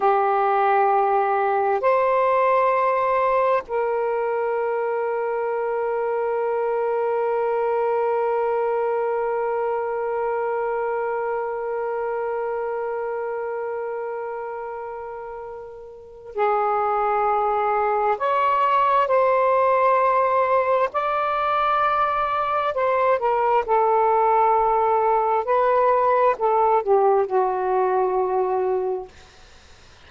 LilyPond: \new Staff \with { instrumentName = "saxophone" } { \time 4/4 \tempo 4 = 66 g'2 c''2 | ais'1~ | ais'1~ | ais'1~ |
ais'2 gis'2 | cis''4 c''2 d''4~ | d''4 c''8 ais'8 a'2 | b'4 a'8 g'8 fis'2 | }